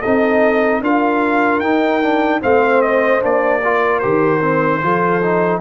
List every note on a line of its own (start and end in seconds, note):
0.00 0.81 C4
0.00 0.83 D#4
0.00 0.80 A4
0.00 0.81 D#5
0.81 1.60 D4
0.81 1.63 F4
0.81 2.41 A#4
0.81 1.60 F5
1.60 2.40 D#4
1.60 2.02 D#4
1.60 2.40 G5
2.02 2.41 D4
2.41 3.23 A3
2.41 3.21 C4
2.41 3.61 C5
2.41 2.82 F5
2.82 3.22 D#5
3.21 4.03 A#3
3.21 3.61 D4
3.21 3.99 D5
3.62 4.02 F4
3.62 4.82 A#4
3.99 4.83 D#3
3.99 4.41 G4
3.99 5.59 C5
4.41 4.81 C4
4.81 5.60 F3
4.81 5.21 F4
4.81 5.60 A4
5.22 5.60 D#4